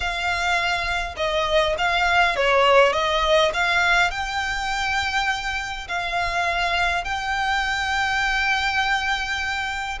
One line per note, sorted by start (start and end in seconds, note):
0.00 1.15 F5
1.16 1.75 D#5
1.78 2.36 F5
2.36 2.93 C#5
2.93 3.51 D#5
3.53 4.10 F5
4.10 5.87 G5
5.88 7.04 F5
7.04 9.98 G5